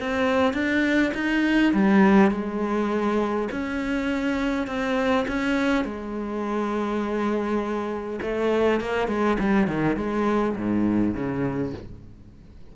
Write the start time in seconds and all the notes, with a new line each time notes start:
0.00 C4
0.53 D4
1.14 D#4
1.74 G3
2.31 G#3
3.52 C#4
4.67 C4
5.28 C#4
5.85 G#3
8.22 A3
8.81 A#3
9.08 G#3
9.40 G3
9.68 D#3
9.97 G#3
10.56 G#2
11.15 C#3